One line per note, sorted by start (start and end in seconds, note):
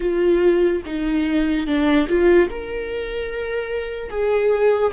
0.00 0.82 F4
0.85 1.66 D#4
1.66 2.07 D4
2.08 2.49 F4
2.50 4.09 A#4
4.09 4.92 G#4